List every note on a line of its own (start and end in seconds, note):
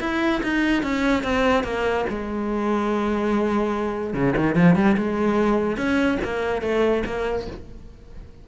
0.00 0.41 E4
0.43 0.83 D#4
0.83 1.23 C#4
1.23 1.63 C4
1.63 2.05 A#3
2.09 4.13 G#3
4.13 4.34 C#3
4.36 4.55 D#3
4.55 4.75 F3
4.75 4.96 G3
4.97 5.76 G#3
5.76 6.18 C#4
6.24 6.62 A#3
6.62 7.03 A3
7.05 7.47 A#3